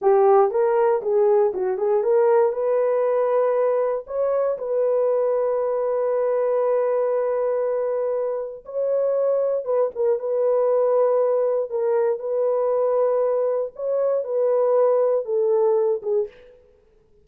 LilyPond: \new Staff \with { instrumentName = "horn" } { \time 4/4 \tempo 4 = 118 g'4 ais'4 gis'4 fis'8 gis'8 | ais'4 b'2. | cis''4 b'2.~ | b'1~ |
b'4 cis''2 b'8 ais'8 | b'2. ais'4 | b'2. cis''4 | b'2 a'4. gis'8 | }